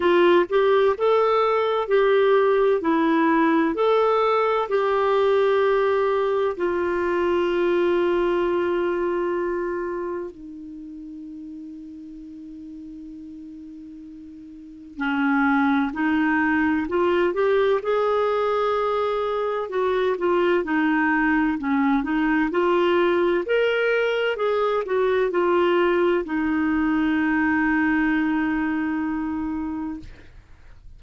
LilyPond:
\new Staff \with { instrumentName = "clarinet" } { \time 4/4 \tempo 4 = 64 f'8 g'8 a'4 g'4 e'4 | a'4 g'2 f'4~ | f'2. dis'4~ | dis'1 |
cis'4 dis'4 f'8 g'8 gis'4~ | gis'4 fis'8 f'8 dis'4 cis'8 dis'8 | f'4 ais'4 gis'8 fis'8 f'4 | dis'1 | }